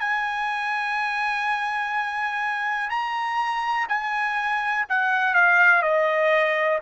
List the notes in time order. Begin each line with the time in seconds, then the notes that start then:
0.00 G#5
2.90 A#5
3.88 G#5
4.89 F#5
5.34 F5
5.82 D#5